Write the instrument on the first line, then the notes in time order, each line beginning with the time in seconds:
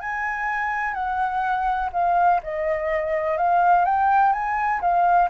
flute
0.00 G#5
0.94 F#5
1.92 F5
2.43 D#5
3.37 F5
3.85 G5
4.32 G#5
4.81 F5